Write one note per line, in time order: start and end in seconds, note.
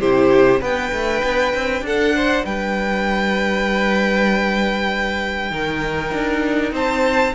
0.00 0.62 C3
0.00 0.63 E4
0.00 0.61 G4
0.00 0.62 C5
0.61 0.92 B3
0.61 5.50 D4
0.61 1.83 B4
0.61 1.87 G5
0.92 1.23 A3
1.23 1.54 B3
1.54 1.82 C4
1.82 2.43 D4
1.82 2.15 A4
1.82 2.45 F#5
2.15 2.46 C5
2.45 5.51 G3
2.45 5.52 B4
2.45 6.74 G5
5.50 6.12 D#3
5.50 7.34 D#4
5.50 6.73 A#4
6.13 6.72 D4
6.72 7.34 C4
6.72 7.34 C5
6.72 7.35 A5